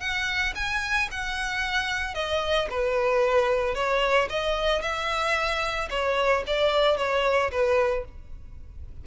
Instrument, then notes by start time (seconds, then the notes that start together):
violin
0.00 F#5
0.55 G#5
1.11 F#5
2.15 D#5
2.70 B4
3.75 C#5
4.30 D#5
4.82 E5
5.90 C#5
6.47 D5
6.97 C#5
7.51 B4